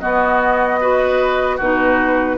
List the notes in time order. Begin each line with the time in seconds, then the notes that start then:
0.00 B3 F#4 D#5
0.81 F#4 B4
1.57 B2 D#4 F#4 B4